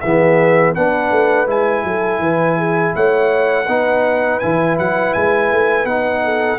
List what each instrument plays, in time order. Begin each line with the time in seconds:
0.00 tuba E3, trombone B3, horn G#4, trumpet E5
0.73 tuba B3, trombone D4, horn B4, trumpet F#5
1.11 tuba A3
1.46 tuba G#3, trombone E4, trumpet G#5
1.84 tuba F#3, horn A4
2.19 tuba E3, horn B4
2.57 horn G#4
2.95 tuba A3, horn C#5, trumpet F#5
3.64 tuba B3, trombone D#4, horn B4
4.39 tuba E3, trombone E4, trumpet G#5
4.78 tuba F#3, trumpet F#5
5.13 tuba G#3, trumpet G#5
5.52 tuba A3
5.84 tuba B3, trombone D#4, trumpet F#5
6.24 horn A4